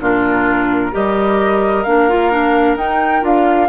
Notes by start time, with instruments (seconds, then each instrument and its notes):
0.00 bassoon A#2, clarinet D4, oboe F4, flute A#4
0.92 bassoon G3, clarinet G4, oboe A#4, flute D#5
1.83 bassoon A#3, clarinet D4, flute F5
2.09 clarinet F4
2.32 clarinet D4
2.76 bassoon D#4, clarinet D#4, flute G5
3.21 bassoon D4, clarinet F4, flute F5